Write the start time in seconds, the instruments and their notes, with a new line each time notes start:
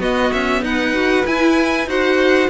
0.00 cello B3, viola B3, violin F#4 D#5
0.33 cello C#4, violin E5
0.62 cello D#4, violin B4 F#5
0.94 viola F#4
1.26 viola E4, cello E4, violin G#5
1.87 cello D#4, viola F#4, violin C5 F#5